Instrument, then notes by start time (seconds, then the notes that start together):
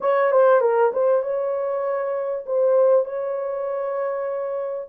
horn
0.01 C#5
0.31 C5
0.61 A#4
0.92 C5
1.22 C#5
2.45 C5
3.05 C#5